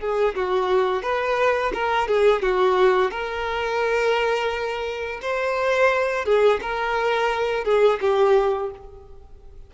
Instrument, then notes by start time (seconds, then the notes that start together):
violin
0.00 G#4
0.36 F#4
1.02 B4
1.74 A#4
2.08 G#4
2.42 F#4
3.11 A#4
5.22 C5
6.25 G#4
6.62 A#4
7.65 G#4
8.01 G4